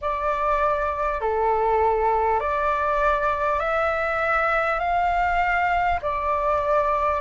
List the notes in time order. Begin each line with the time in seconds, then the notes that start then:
0.01 D5
1.20 A4
2.39 D5
3.59 E5
4.79 F5
6.02 D5